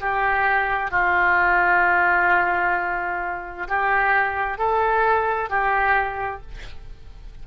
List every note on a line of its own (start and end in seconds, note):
0.00 0.91 G4
0.91 3.68 F4
3.68 4.58 G4
4.58 5.49 A4
5.49 6.42 G4